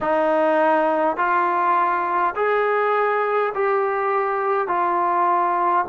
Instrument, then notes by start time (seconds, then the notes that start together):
trombone
0.01 D#4
1.17 F4
2.35 G#4
3.54 G4
4.67 F4